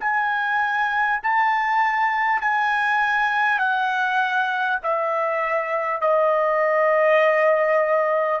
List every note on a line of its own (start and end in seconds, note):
0.00 1.20 G#5
1.22 2.41 A5
2.41 3.58 G#5
3.58 4.78 F#5
4.83 6.01 E5
6.01 8.40 D#5